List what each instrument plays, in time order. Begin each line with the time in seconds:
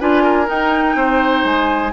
0.00 bassoon D4, clarinet F4, oboe B4, flute G#5
0.23 oboe A#4
0.46 clarinet D#4, bassoon D#4, flute G5
0.95 bassoon C4, oboe C5
1.44 bassoon G#3, flute G#5